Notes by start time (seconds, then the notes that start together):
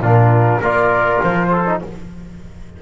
0.00 A#2 D4 F4 A#4
0.60 A#3 F4 A#4 D5
1.23 F3 C5
1.51 A4
1.66 D#4